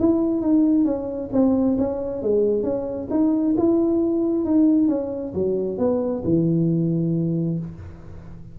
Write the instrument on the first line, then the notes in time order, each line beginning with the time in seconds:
tuba
0.00 E4
0.42 D#4
0.85 C#4
1.33 C4
1.78 C#4
2.23 G#3
2.64 C#4
3.11 D#4
3.58 E4
4.45 D#4
4.88 C#4
5.35 F#3
5.79 B3
6.25 E3